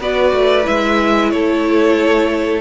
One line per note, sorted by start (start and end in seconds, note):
0.00 0.33 B3
0.00 0.64 F#4
0.00 1.32 B4
0.00 0.67 D5
0.34 0.67 A3
0.64 1.33 G#3
0.64 2.62 E4
0.64 1.31 E5
1.31 2.62 A3
1.31 2.62 A4
1.31 2.62 C#5